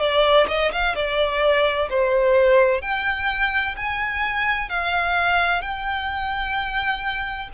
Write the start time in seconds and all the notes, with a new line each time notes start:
0.00 D5
0.48 D#5
0.72 F5
0.95 D5
1.90 C5
2.82 G5
3.76 G#5
4.69 F5
5.62 G5